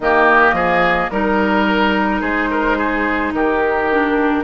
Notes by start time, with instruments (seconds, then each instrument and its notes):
0.00 bassoon D#3, clarinet A#3, oboe G4, flute D#5
0.52 bassoon F3, oboe G#4
1.10 bassoon G3, clarinet D#4, flute A#4, oboe A#4
2.21 bassoon G#3, oboe G#4, flute C5
2.50 oboe A#4
2.77 oboe G#4
3.32 bassoon D#3, oboe G4, flute A#4
3.90 clarinet D4